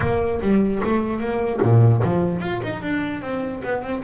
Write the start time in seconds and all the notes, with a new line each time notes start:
0.00 A#3
0.41 G3
0.83 A3
1.20 A#3
1.62 A#2
2.03 F3
2.40 F4
2.63 D#4
2.82 D4
3.21 C4
3.64 B3
3.82 C4